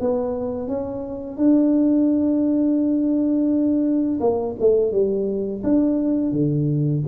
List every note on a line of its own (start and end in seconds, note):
0.00 0.68 B3
0.68 1.37 C#4
1.37 4.19 D4
4.20 4.55 A#3
4.60 4.92 A3
4.92 5.62 G3
5.63 6.32 D4
6.32 7.02 D3